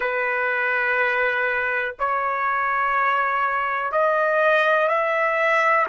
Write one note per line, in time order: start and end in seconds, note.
0.00 1.94 B4
1.99 3.92 C#5
3.92 4.88 D#5
4.88 5.86 E5